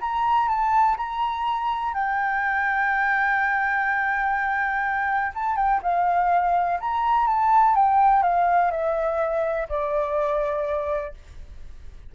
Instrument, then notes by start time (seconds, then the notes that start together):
flute
0.00 A#5
0.48 A5
0.96 A#5
1.93 G5
5.34 A5
5.56 G5
5.82 F5
6.80 A#5
7.27 A5
7.75 G5
8.22 F5
8.71 E5
9.68 D5